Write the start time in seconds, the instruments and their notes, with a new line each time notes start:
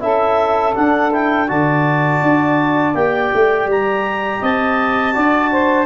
0.00 tuba C#4, trombone E4, saxophone A4, clarinet E5
0.74 trombone D4, tuba D4, clarinet F#5
1.12 trombone E4, clarinet G5
1.48 tuba D3, trombone F#4, saxophone D5, clarinet A5
2.22 tuba D4
2.95 tuba A#3, trombone G4, clarinet G5
3.34 tuba A3
3.65 tuba G3, clarinet A#5
4.41 tuba C4, saxophone D#5, clarinet A5
5.12 tuba D4, trombone F#4, saxophone D5
5.51 saxophone C5